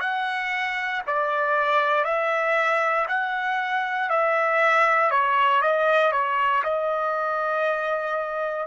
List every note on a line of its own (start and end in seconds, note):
0.00 1.02 F#5
1.07 2.04 D5
2.04 3.06 E5
3.08 4.10 F#5
4.10 5.11 E5
5.11 5.62 C#5
5.62 6.12 D#5
6.12 6.63 C#5
6.64 8.67 D#5